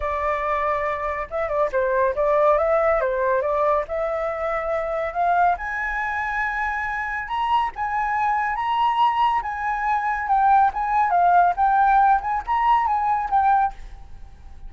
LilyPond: \new Staff \with { instrumentName = "flute" } { \time 4/4 \tempo 4 = 140 d''2. e''8 d''8 | c''4 d''4 e''4 c''4 | d''4 e''2. | f''4 gis''2.~ |
gis''4 ais''4 gis''2 | ais''2 gis''2 | g''4 gis''4 f''4 g''4~ | g''8 gis''8 ais''4 gis''4 g''4 | }